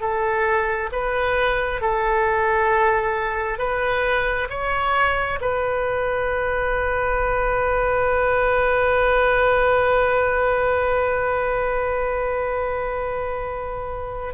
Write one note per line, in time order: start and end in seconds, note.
0.00 0.90 A4
0.92 1.81 B4
1.81 3.58 A4
3.58 4.48 B4
4.49 5.39 C#5
5.41 14.34 B4